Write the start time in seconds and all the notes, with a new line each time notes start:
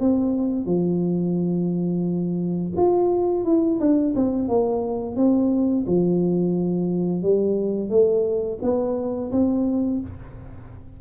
0.00 C4
0.66 F3
2.76 F4
3.45 E4
3.80 D4
4.16 C4
4.48 A#3
5.16 C4
5.87 F3
7.22 G3
7.90 A3
8.62 B3
9.32 C4